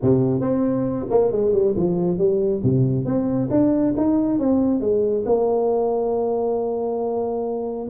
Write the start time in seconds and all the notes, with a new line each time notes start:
0.02 C3
0.40 C4
1.09 A#3
1.31 G#3
1.52 G3
1.76 F3
2.18 G3
2.63 C3
3.05 C4
3.50 D4
3.97 D#4
4.39 C4
4.80 G#3
5.25 A#3